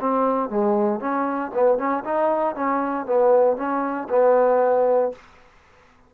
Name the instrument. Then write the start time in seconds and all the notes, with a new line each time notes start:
trombone
0.00 C4
0.49 G#3
1.00 C#4
1.54 B3
1.78 C#4
2.04 D#4
2.55 C#4
3.06 B3
3.56 C#4
4.09 B3